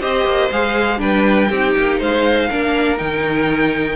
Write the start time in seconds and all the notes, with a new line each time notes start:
0.00 C4 G4 C5 D#5
0.25 A#3
0.51 G#3 G#4 F5
0.98 G3 D4 B4 G5
1.49 C4 D#4 G4
1.76 A#3
1.99 G#3 C5 F5
2.49 A#3 D4 A#4
2.98 D#3 D#4 G5